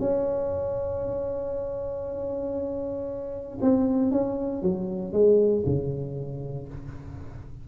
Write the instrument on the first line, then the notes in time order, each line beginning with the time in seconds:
tuba
0.00 C#4
3.62 C4
4.12 C#4
4.62 F#3
5.13 G#3
5.66 C#3